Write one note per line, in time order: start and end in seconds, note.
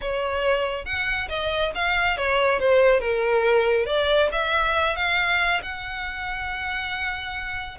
0.01 0.85 C#5
0.85 1.28 F#5
1.28 1.71 D#5
1.74 2.17 F5
2.17 2.59 C#5
2.59 2.99 C5
2.99 3.86 A#4
3.86 4.29 D5
4.31 4.96 E5
4.96 5.60 F5
5.62 7.78 F#5